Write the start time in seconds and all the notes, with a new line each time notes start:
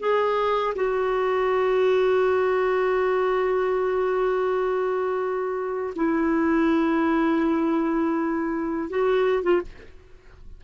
0.00 G#4
0.75 F#4
5.95 E4
8.90 F#4
9.43 F4